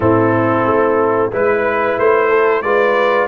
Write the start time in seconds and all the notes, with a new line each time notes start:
0.00 A2 C4 E4 A4
0.65 A3
1.31 G#3 E4 B4
1.98 A3 C5
2.29 A4
2.62 G#3 F4 B4 D5